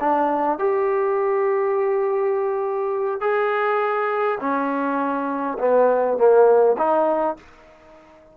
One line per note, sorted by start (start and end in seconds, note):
0.00 0.59 D4
0.59 3.21 G4
3.21 4.38 G#4
4.40 5.58 C#4
5.59 6.17 B3
6.17 6.76 A#3
6.78 7.36 D#4